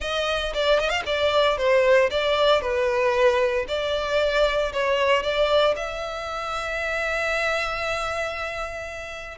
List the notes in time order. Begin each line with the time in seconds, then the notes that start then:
0.00 D#5
0.54 D5
0.79 D#5
0.89 F5
1.06 D5
1.57 C5
2.10 D5
2.61 B4
3.68 D5
4.72 C#5
5.22 D5
5.75 E5